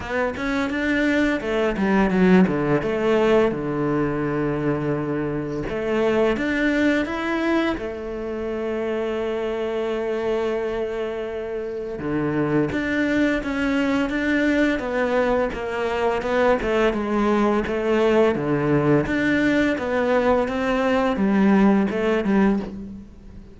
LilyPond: \new Staff \with { instrumentName = "cello" } { \time 4/4 \tempo 4 = 85 b8 cis'8 d'4 a8 g8 fis8 d8 | a4 d2. | a4 d'4 e'4 a4~ | a1~ |
a4 d4 d'4 cis'4 | d'4 b4 ais4 b8 a8 | gis4 a4 d4 d'4 | b4 c'4 g4 a8 g8 | }